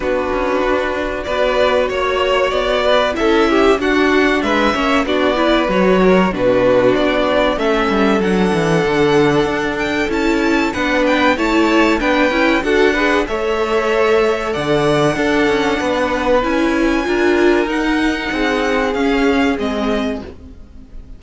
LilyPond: <<
  \new Staff \with { instrumentName = "violin" } { \time 4/4 \tempo 4 = 95 b'2 d''4 cis''4 | d''4 e''4 fis''4 e''4 | d''4 cis''4 b'4 d''4 | e''4 fis''2~ fis''8 g''8 |
a''4 fis''8 g''8 a''4 g''4 | fis''4 e''2 fis''4~ | fis''2 gis''2 | fis''2 f''4 dis''4 | }
  \new Staff \with { instrumentName = "violin" } { \time 4/4 fis'2 b'4 cis''4~ | cis''8 b'8 a'8 g'8 fis'4 b'8 cis''8 | fis'8 b'4 ais'8 fis'2 | a'1~ |
a'4 b'4 cis''4 b'4 | a'8 b'8 cis''2 d''4 | a'4 b'2 ais'4~ | ais'4 gis'2. | }
  \new Staff \with { instrumentName = "viola" } { \time 4/4 d'2 fis'2~ | fis'4 e'4 d'4. cis'8 | d'8 e'8 fis'4 d'2 | cis'4 d'2. |
e'4 d'4 e'4 d'8 e'8 | fis'8 gis'8 a'2. | d'2 e'4 f'4 | dis'2 cis'4 c'4 | }
  \new Staff \with { instrumentName = "cello" } { \time 4/4 b8 cis'8 d'4 b4 ais4 | b4 cis'4 d'4 gis8 ais8 | b4 fis4 b,4 b4 | a8 g8 fis8 e8 d4 d'4 |
cis'4 b4 a4 b8 cis'8 | d'4 a2 d4 | d'8 cis'8 b4 cis'4 d'4 | dis'4 c'4 cis'4 gis4 | }
>>